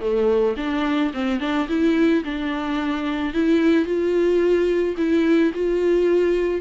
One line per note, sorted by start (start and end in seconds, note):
0.00 0.55 A3
0.57 1.12 D4
1.13 1.40 C4
1.40 1.67 D4
1.68 2.23 E4
2.24 3.33 D4
3.33 3.85 E4
3.85 4.95 F4
4.97 5.52 E4
5.54 6.61 F4